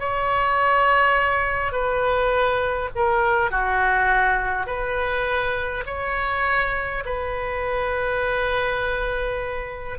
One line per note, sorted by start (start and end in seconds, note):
0.00 1.72 C#5
1.72 2.90 B4
2.96 3.51 A#4
3.51 4.66 F#4
4.66 5.84 B4
5.86 7.04 C#5
7.05 9.99 B4